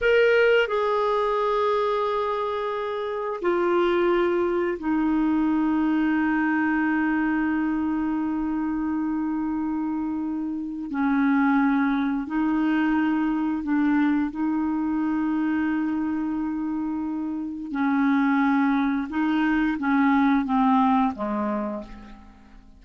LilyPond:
\new Staff \with { instrumentName = "clarinet" } { \time 4/4 \tempo 4 = 88 ais'4 gis'2.~ | gis'4 f'2 dis'4~ | dis'1~ | dis'1 |
cis'2 dis'2 | d'4 dis'2.~ | dis'2 cis'2 | dis'4 cis'4 c'4 gis4 | }